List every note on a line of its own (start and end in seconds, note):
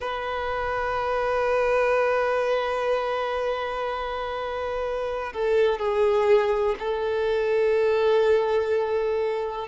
0.00 5.32 B4
5.32 5.78 A4
5.78 6.75 G#4
6.79 9.68 A4